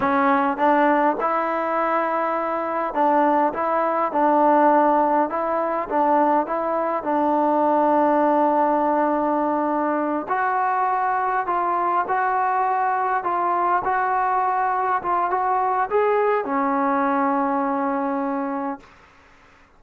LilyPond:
\new Staff \with { instrumentName = "trombone" } { \time 4/4 \tempo 4 = 102 cis'4 d'4 e'2~ | e'4 d'4 e'4 d'4~ | d'4 e'4 d'4 e'4 | d'1~ |
d'4. fis'2 f'8~ | f'8 fis'2 f'4 fis'8~ | fis'4. f'8 fis'4 gis'4 | cis'1 | }